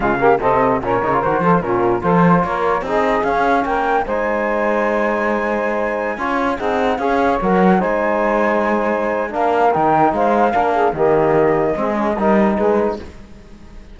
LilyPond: <<
  \new Staff \with { instrumentName = "flute" } { \time 4/4 \tempo 4 = 148 f''4 dis''4 cis''4 c''4 | ais'4 c''4 cis''4 dis''4 | f''4 g''4 gis''2~ | gis''1~ |
gis''16 fis''4 f''4 fis''4 gis''8.~ | gis''2. f''4 | g''4 f''2 dis''4~ | dis''2. b'4 | }
  \new Staff \with { instrumentName = "saxophone" } { \time 4/4 f'8 g'8 a'4 ais'4. a'8 | f'4 a'4 ais'4 gis'4~ | gis'4 ais'4 c''2~ | c''2.~ c''16 cis''8.~ |
cis''16 gis'4 cis''2 c''8.~ | c''2. ais'4~ | ais'4 c''4 ais'8 gis'8 g'4~ | g'4 gis'4 ais'4 gis'4 | }
  \new Staff \with { instrumentName = "trombone" } { \time 4/4 gis8 ais8 c'4 cis'8 dis'16 f'16 fis'8 f'8 | cis'4 f'2 dis'4 | cis'2 dis'2~ | dis'2.~ dis'16 f'8.~ |
f'16 dis'4 gis'4 ais'4 dis'8.~ | dis'2. d'4 | dis'2 d'4 ais4~ | ais4 c'8 cis'8 dis'2 | }
  \new Staff \with { instrumentName = "cello" } { \time 4/4 cis4 c4 ais,8 cis8 dis8 f8 | ais,4 f4 ais4 c'4 | cis'4 ais4 gis2~ | gis2.~ gis16 cis'8.~ |
cis'16 c'4 cis'4 fis4 gis8.~ | gis2. ais4 | dis4 gis4 ais4 dis4~ | dis4 gis4 g4 gis4 | }
>>